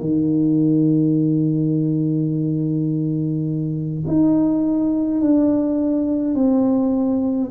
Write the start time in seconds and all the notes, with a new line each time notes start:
0.00 D#3
4.06 D#4
5.21 D4
6.35 C4